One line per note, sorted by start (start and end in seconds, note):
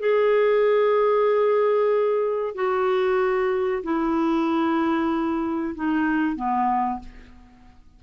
0.00 2.55 G#4
2.55 3.83 F#4
3.84 5.75 E4
5.76 6.36 D#4
6.36 7.00 B3